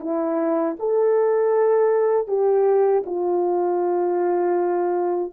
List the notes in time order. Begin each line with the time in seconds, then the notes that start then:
0.00 E4
0.79 A4
2.28 G4
3.06 F4